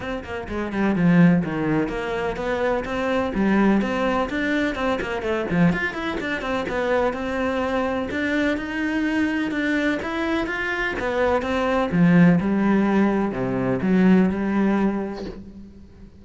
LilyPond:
\new Staff \with { instrumentName = "cello" } { \time 4/4 \tempo 4 = 126 c'8 ais8 gis8 g8 f4 dis4 | ais4 b4 c'4 g4 | c'4 d'4 c'8 ais8 a8 f8 | f'8 e'8 d'8 c'8 b4 c'4~ |
c'4 d'4 dis'2 | d'4 e'4 f'4 b4 | c'4 f4 g2 | c4 fis4 g2 | }